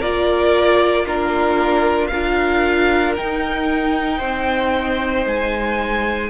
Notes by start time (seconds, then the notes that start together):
0.00 A#3 F4 A#4 D5
1.06 D4 F4 A#4
2.08 D4 F4 A#4 F5
3.16 D#4 G5
4.18 C4 C5
5.26 G#3 G#5